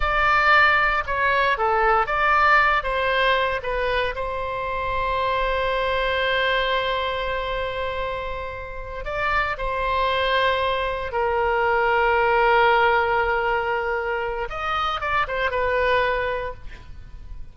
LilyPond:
\new Staff \with { instrumentName = "oboe" } { \time 4/4 \tempo 4 = 116 d''2 cis''4 a'4 | d''4. c''4. b'4 | c''1~ | c''1~ |
c''4. d''4 c''4.~ | c''4. ais'2~ ais'8~ | ais'1 | dis''4 d''8 c''8 b'2 | }